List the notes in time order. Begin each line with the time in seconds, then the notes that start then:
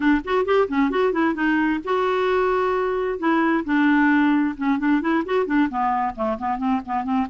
0.00 D4
0.24 F#4
0.45 G4
0.68 C#4
0.90 F#4
1.12 E4
1.34 D#4
1.84 F#4
3.18 E4
3.64 D4
4.57 C#4
4.78 D4
5.01 E4
5.25 F#4
5.46 D4
5.69 B3
6.15 A3
6.38 B3
6.58 C4
6.85 B3
7.04 C4